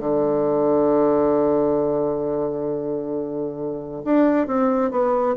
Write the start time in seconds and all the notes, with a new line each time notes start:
0.00 D3
4.05 D4
4.48 C4
4.92 B3